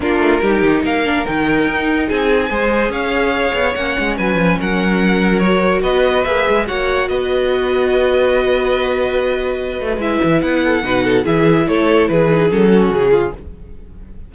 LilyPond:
<<
  \new Staff \with { instrumentName = "violin" } { \time 4/4 \tempo 4 = 144 ais'2 f''4 g''4~ | g''4 gis''2 f''4~ | f''4 fis''4 gis''4 fis''4~ | fis''4 cis''4 dis''4 e''4 |
fis''4 dis''2.~ | dis''1 | e''4 fis''2 e''4 | cis''4 b'4 a'4 gis'4 | }
  \new Staff \with { instrumentName = "violin" } { \time 4/4 f'4 g'4 ais'2~ | ais'4 gis'4 c''4 cis''4~ | cis''2 b'4 ais'4~ | ais'2 b'2 |
cis''4 b'2.~ | b'1~ | b'4. a'8 b'8 a'8 gis'4 | a'4 gis'4. fis'4 f'8 | }
  \new Staff \with { instrumentName = "viola" } { \time 4/4 d'4 dis'4. d'8 dis'4~ | dis'2 gis'2~ | gis'4 cis'2.~ | cis'4 fis'2 gis'4 |
fis'1~ | fis'1 | e'2 dis'4 e'4~ | e'4. dis'8 cis'2 | }
  \new Staff \with { instrumentName = "cello" } { \time 4/4 ais8 a8 g8 dis8 ais4 dis4 | dis'4 c'4 gis4 cis'4~ | cis'8 b8 ais8 gis8 fis8 f8 fis4~ | fis2 b4 ais8 gis8 |
ais4 b2.~ | b2.~ b8 a8 | gis8 e8 b4 b,4 e4 | a4 e4 fis4 cis4 | }
>>